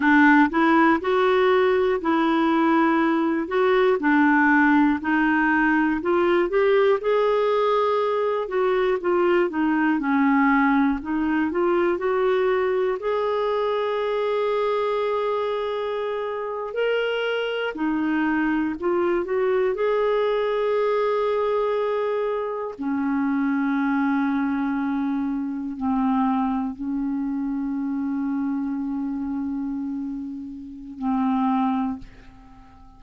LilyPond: \new Staff \with { instrumentName = "clarinet" } { \time 4/4 \tempo 4 = 60 d'8 e'8 fis'4 e'4. fis'8 | d'4 dis'4 f'8 g'8 gis'4~ | gis'8 fis'8 f'8 dis'8 cis'4 dis'8 f'8 | fis'4 gis'2.~ |
gis'8. ais'4 dis'4 f'8 fis'8 gis'16~ | gis'2~ gis'8. cis'4~ cis'16~ | cis'4.~ cis'16 c'4 cis'4~ cis'16~ | cis'2. c'4 | }